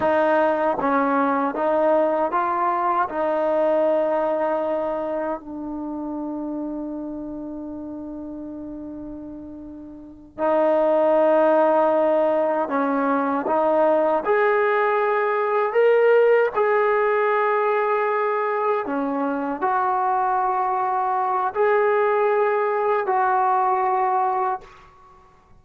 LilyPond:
\new Staff \with { instrumentName = "trombone" } { \time 4/4 \tempo 4 = 78 dis'4 cis'4 dis'4 f'4 | dis'2. d'4~ | d'1~ | d'4. dis'2~ dis'8~ |
dis'8 cis'4 dis'4 gis'4.~ | gis'8 ais'4 gis'2~ gis'8~ | gis'8 cis'4 fis'2~ fis'8 | gis'2 fis'2 | }